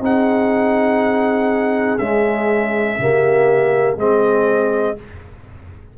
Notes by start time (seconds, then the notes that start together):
0.00 C4 D#4 G#4 F#5
1.98 G#3 C#4 E5
2.99 C#3 A#3 G4
3.96 G#3 C4 G#4 D#5